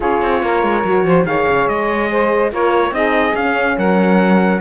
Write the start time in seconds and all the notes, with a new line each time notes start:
0.00 C#4 F4 G#4 C#5
0.21 C4
0.42 A#3 A#4
0.62 G#3
0.83 F#3 F#4
1.03 F3 C5
1.24 D#3 G#4 C#5 F5
1.47 C#3
1.68 G#3 D#5
2.10 C5
2.51 A#3 F4 A#4 C#5
2.91 C4 D#4 G#4 D#5
3.34 C#4 F5
3.77 F#3 A#4 F#5